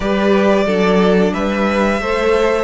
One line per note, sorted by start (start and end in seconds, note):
0.00 0.65 G3
0.00 0.67 G4
0.00 0.64 B4
0.00 1.33 D5
0.65 1.33 F#3
0.65 2.01 D4
0.65 1.32 A4
1.33 1.99 G3
1.33 2.00 B4
1.33 2.64 E5
1.99 2.64 A3
1.99 2.64 A4
1.99 2.64 C5